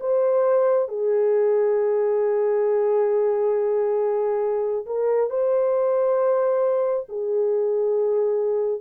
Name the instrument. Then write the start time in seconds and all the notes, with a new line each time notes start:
horn
0.00 C5
0.88 G#4
4.86 A#4
5.30 C5
7.08 G#4